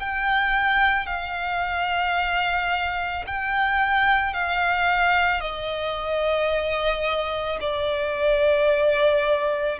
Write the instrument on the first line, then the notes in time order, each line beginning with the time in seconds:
violin
0.00 G5
1.07 F5
3.27 G5
4.33 F5
5.40 D#5
7.61 D5